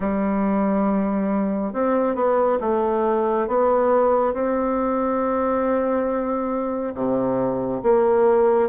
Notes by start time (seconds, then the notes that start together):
0.00 G3
1.73 C4
2.15 B3
2.60 A3
3.47 B3
4.33 C4
6.94 C3
7.82 A#3